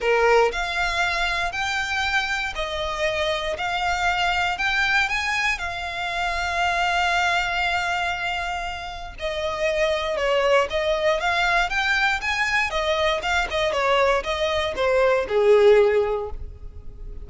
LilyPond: \new Staff \with { instrumentName = "violin" } { \time 4/4 \tempo 4 = 118 ais'4 f''2 g''4~ | g''4 dis''2 f''4~ | f''4 g''4 gis''4 f''4~ | f''1~ |
f''2 dis''2 | cis''4 dis''4 f''4 g''4 | gis''4 dis''4 f''8 dis''8 cis''4 | dis''4 c''4 gis'2 | }